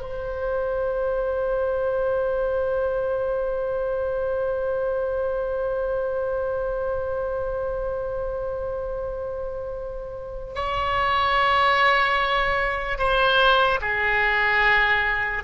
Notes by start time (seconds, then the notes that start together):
0.00 C5
10.56 C#5
12.99 C5
13.81 G#4